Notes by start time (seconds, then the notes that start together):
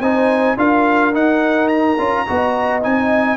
0.00 C4 D#4 C5 G#5
0.57 D4 F4 A#4 F5
1.13 D#4 F#5
1.68 A#5
1.98 C#4 F4
2.27 B3 F#4 D#5
2.82 C4 D#4 G#5